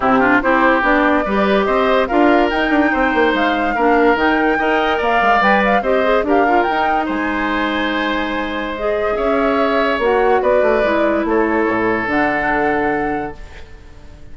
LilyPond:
<<
  \new Staff \with { instrumentName = "flute" } { \time 4/4 \tempo 4 = 144 g'4 c''4 d''2 | dis''4 f''4 g''2 | f''2 g''2 | f''4 g''8 f''8 dis''4 f''4 |
g''4 gis''2.~ | gis''4 dis''4 e''2 | fis''4 d''2 cis''4~ | cis''4 fis''2. | }
  \new Staff \with { instrumentName = "oboe" } { \time 4/4 e'8 f'8 g'2 b'4 | c''4 ais'2 c''4~ | c''4 ais'2 dis''4 | d''2 c''4 ais'4~ |
ais'4 c''2.~ | c''2 cis''2~ | cis''4 b'2 a'4~ | a'1 | }
  \new Staff \with { instrumentName = "clarinet" } { \time 4/4 c'8 d'8 e'4 d'4 g'4~ | g'4 f'4 dis'2~ | dis'4 d'4 dis'4 ais'4~ | ais'4 b'4 g'8 gis'8 g'8 f'8 |
dis'1~ | dis'4 gis'2. | fis'2 e'2~ | e'4 d'2. | }
  \new Staff \with { instrumentName = "bassoon" } { \time 4/4 c4 c'4 b4 g4 | c'4 d'4 dis'8 d'8 c'8 ais8 | gis4 ais4 dis4 dis'4 | ais8 gis8 g4 c'4 d'4 |
dis'4 gis2.~ | gis2 cis'2 | ais4 b8 a8 gis4 a4 | a,4 d2. | }
>>